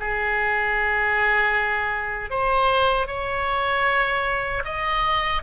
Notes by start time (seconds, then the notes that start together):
0.00 G#4
2.31 C5
3.07 C#5
4.65 D#5